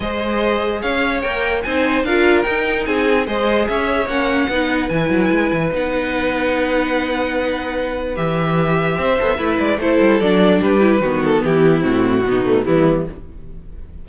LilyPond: <<
  \new Staff \with { instrumentName = "violin" } { \time 4/4 \tempo 4 = 147 dis''2 f''4 g''4 | gis''4 f''4 g''4 gis''4 | dis''4 e''4 fis''2 | gis''2 fis''2~ |
fis''1 | e''2.~ e''8 d''8 | c''4 d''4 b'4. a'8 | g'4 fis'2 e'4 | }
  \new Staff \with { instrumentName = "violin" } { \time 4/4 c''2 cis''2 | c''4 ais'2 gis'4 | c''4 cis''2 b'4~ | b'1~ |
b'1~ | b'2 c''4 e'4 | a'2 g'4 fis'4 | e'2 dis'4 b4 | }
  \new Staff \with { instrumentName = "viola" } { \time 4/4 gis'2. ais'4 | dis'4 f'4 dis'2 | gis'2 cis'4 dis'4 | e'2 dis'2~ |
dis'1 | g'2~ g'8 a'8 b'4 | e'4 d'4. e'8 b4~ | b4 c'4 b8 a8 g4 | }
  \new Staff \with { instrumentName = "cello" } { \time 4/4 gis2 cis'4 ais4 | c'4 d'4 dis'4 c'4 | gis4 cis'4 ais4 b4 | e8 fis8 gis8 e8 b2~ |
b1 | e2 c'8 b8 a8 gis8 | a8 g8 fis4 g4 dis4 | e4 a,4 b,4 e4 | }
>>